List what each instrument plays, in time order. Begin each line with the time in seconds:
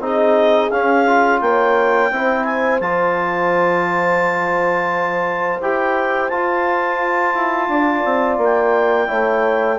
0.00 bassoon C4, trombone D#4, horn G#4, clarinet D#5
0.71 bassoon C#4, trombone C#4, clarinet F5
1.08 trombone F4
1.41 bassoon A#3, horn C#5, clarinet G5
2.11 bassoon C4, trombone E4, horn C5
2.45 clarinet G#5
2.81 bassoon F3, trombone F4, clarinet A5
5.61 bassoon E4, trombone G4, clarinet G5
6.29 trombone F4, bassoon F4, clarinet A5
7.35 bassoon E4
7.69 bassoon D4, horn D5
8.05 bassoon C4
8.38 bassoon A#3
8.44 clarinet G5
9.08 bassoon A3, trombone E4, horn C#5